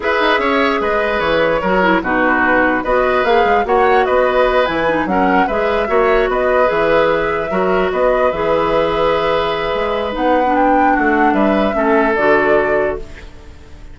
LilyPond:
<<
  \new Staff \with { instrumentName = "flute" } { \time 4/4 \tempo 4 = 148 e''2 dis''4 cis''4~ | cis''4 b'2 dis''4 | f''4 fis''4 dis''4. gis''8~ | gis''8 fis''4 e''2 dis''8~ |
dis''8 e''2. dis''8~ | dis''8 e''2.~ e''8~ | e''4 fis''4 g''4 fis''4 | e''2 d''2 | }
  \new Staff \with { instrumentName = "oboe" } { \time 4/4 b'4 cis''4 b'2 | ais'4 fis'2 b'4~ | b'4 cis''4 b'2~ | b'8 ais'4 b'4 cis''4 b'8~ |
b'2~ b'8 ais'4 b'8~ | b'1~ | b'2. fis'4 | b'4 a'2. | }
  \new Staff \with { instrumentName = "clarinet" } { \time 4/4 gis'1 | fis'8 e'8 dis'2 fis'4 | gis'4 fis'2~ fis'8 e'8 | dis'8 cis'4 gis'4 fis'4.~ |
fis'8 gis'2 fis'4.~ | fis'8 gis'2.~ gis'8~ | gis'4 dis'8. d'2~ d'16~ | d'4 cis'4 fis'2 | }
  \new Staff \with { instrumentName = "bassoon" } { \time 4/4 e'8 dis'8 cis'4 gis4 e4 | fis4 b,2 b4 | ais8 gis8 ais4 b4. e8~ | e8 fis4 gis4 ais4 b8~ |
b8 e2 fis4 b8~ | b8 e2.~ e8 | gis4 b2 a4 | g4 a4 d2 | }
>>